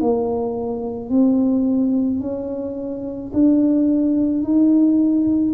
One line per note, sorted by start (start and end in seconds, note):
0.00 1.09 A#3
1.09 2.20 C4
2.20 3.31 C#4
3.33 4.43 D4
4.43 5.54 D#4